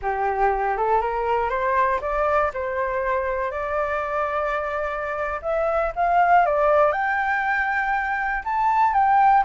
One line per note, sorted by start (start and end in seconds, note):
0.02 0.77 G4
0.77 1.01 A4
1.01 1.49 A#4
1.49 2.00 C5
2.01 2.51 D5
2.53 3.51 C5
3.51 5.40 D5
5.42 5.92 E5
5.95 6.45 F5
6.45 6.92 D5
6.92 8.43 G5
8.44 8.93 A5
8.93 9.44 G5